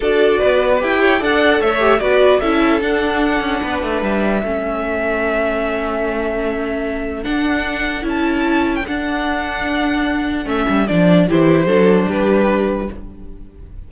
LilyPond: <<
  \new Staff \with { instrumentName = "violin" } { \time 4/4 \tempo 4 = 149 d''2 g''4 fis''4 | e''4 d''4 e''4 fis''4~ | fis''2 e''2~ | e''1~ |
e''2 fis''2 | a''4.~ a''16 g''16 fis''2~ | fis''2 e''4 d''4 | c''2 b'2 | }
  \new Staff \with { instrumentName = "violin" } { \time 4/4 a'4 b'4. cis''8 d''4 | cis''4 b'4 a'2~ | a'4 b'2 a'4~ | a'1~ |
a'1~ | a'1~ | a'1 | g'4 a'4 g'2 | }
  \new Staff \with { instrumentName = "viola" } { \time 4/4 fis'2 g'4 a'4~ | a'8 g'8 fis'4 e'4 d'4~ | d'2. cis'4~ | cis'1~ |
cis'2 d'2 | e'2 d'2~ | d'2 cis'4 d'4 | e'4 d'2. | }
  \new Staff \with { instrumentName = "cello" } { \time 4/4 d'4 b4 e'4 d'4 | a4 b4 cis'4 d'4~ | d'8 cis'8 b8 a8 g4 a4~ | a1~ |
a2 d'2 | cis'2 d'2~ | d'2 a8 g8 f4 | e4 fis4 g2 | }
>>